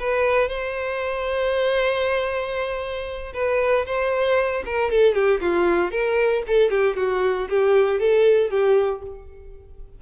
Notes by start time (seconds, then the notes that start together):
0.00 B4
0.49 C5
3.34 B4
3.86 C5
4.66 A#4
4.91 A4
5.15 G4
5.41 F4
5.92 A#4
6.48 A4
6.71 G4
6.97 F#4
7.50 G4
8.00 A4
8.51 G4